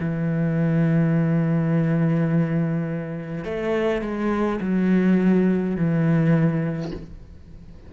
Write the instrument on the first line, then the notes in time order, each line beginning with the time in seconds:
cello
0.00 E3
3.45 A3
4.02 G#3
4.61 F#3
5.76 E3